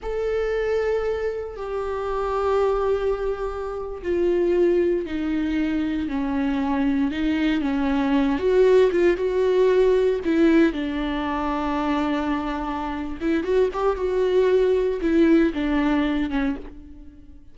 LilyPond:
\new Staff \with { instrumentName = "viola" } { \time 4/4 \tempo 4 = 116 a'2. g'4~ | g'2.~ g'8. f'16~ | f'4.~ f'16 dis'2 cis'16~ | cis'4.~ cis'16 dis'4 cis'4~ cis'16~ |
cis'16 fis'4 f'8 fis'2 e'16~ | e'8. d'2.~ d'16~ | d'4. e'8 fis'8 g'8 fis'4~ | fis'4 e'4 d'4. cis'8 | }